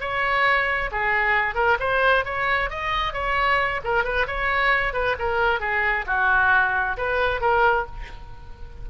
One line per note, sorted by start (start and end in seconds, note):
0.00 0.90 C#5
0.91 1.55 G#4
1.55 1.77 A#4
1.79 2.25 C5
2.25 2.70 C#5
2.70 3.13 D#5
3.13 3.81 C#5
3.84 4.04 A#4
4.04 4.26 B4
4.27 4.93 C#5
4.93 5.16 B4
5.19 5.60 A#4
5.60 6.05 G#4
6.06 6.97 F#4
6.97 7.41 B4
7.41 7.86 A#4